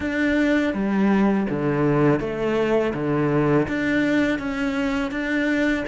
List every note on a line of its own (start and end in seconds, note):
0.00 0.73 D4
0.73 1.46 G3
1.49 2.20 D3
2.20 2.93 A3
2.93 3.67 D3
3.68 4.38 D4
4.38 5.11 C#4
5.11 5.84 D4